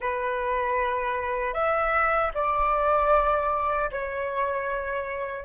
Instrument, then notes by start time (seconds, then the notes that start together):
flute
0.00 B4
1.53 E5
2.34 D5
3.91 C#5